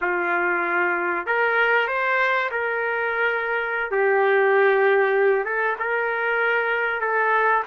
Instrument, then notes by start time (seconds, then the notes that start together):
trumpet
0.01 F4
1.26 A#4
1.87 C5
2.51 A#4
3.91 G4
5.44 A4
5.79 A#4
7.00 A4